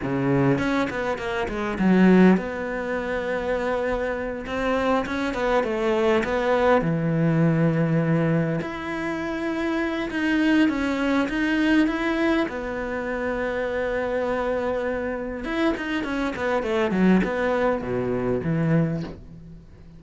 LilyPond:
\new Staff \with { instrumentName = "cello" } { \time 4/4 \tempo 4 = 101 cis4 cis'8 b8 ais8 gis8 fis4 | b2.~ b8 c'8~ | c'8 cis'8 b8 a4 b4 e8~ | e2~ e8 e'4.~ |
e'4 dis'4 cis'4 dis'4 | e'4 b2.~ | b2 e'8 dis'8 cis'8 b8 | a8 fis8 b4 b,4 e4 | }